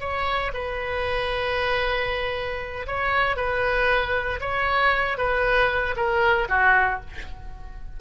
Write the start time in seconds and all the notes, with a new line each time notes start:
0.00 C#5
0.54 B4
2.87 C#5
3.37 B4
4.40 C#5
5.18 B4
5.96 A#4
6.49 F#4